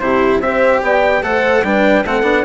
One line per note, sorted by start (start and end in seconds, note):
0.00 0.40 C3
0.00 0.43 E4
0.00 0.44 G4
0.00 0.41 C5
0.40 0.81 C4
0.40 1.24 G4
0.40 0.84 C5
0.40 0.83 E5
0.83 1.22 B3
0.83 1.25 D5
0.83 1.24 G5
1.22 1.63 A3
1.22 1.65 A4
1.22 1.66 C5
1.22 1.65 F#5
1.64 2.05 G3
1.64 2.05 D4
1.64 2.06 B4
1.64 2.06 G5
2.06 2.23 A3
2.06 2.23 C4
2.06 2.46 A4
2.06 2.46 F#5
2.23 2.43 B3
2.23 2.44 D4